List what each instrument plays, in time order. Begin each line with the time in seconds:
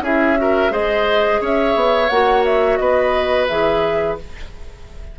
0.00 bassoon C#4, clarinet E4, oboe G#4, flute E5
0.36 clarinet F#4, oboe A#4
0.69 bassoon G#3, clarinet G#4, oboe C5, flute D#5
1.41 bassoon C#4, oboe C#5, flute E5
1.75 bassoon B3
2.09 bassoon A#3, clarinet F#4, flute F#5
2.44 flute E5
2.77 bassoon B3, oboe B4, flute D#5
3.47 bassoon E3, clarinet G#4, flute E5